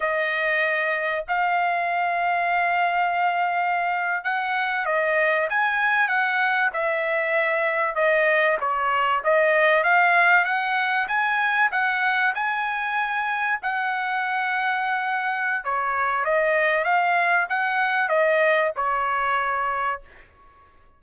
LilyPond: \new Staff \with { instrumentName = "trumpet" } { \time 4/4 \tempo 4 = 96 dis''2 f''2~ | f''2~ f''8. fis''4 dis''16~ | dis''8. gis''4 fis''4 e''4~ e''16~ | e''8. dis''4 cis''4 dis''4 f''16~ |
f''8. fis''4 gis''4 fis''4 gis''16~ | gis''4.~ gis''16 fis''2~ fis''16~ | fis''4 cis''4 dis''4 f''4 | fis''4 dis''4 cis''2 | }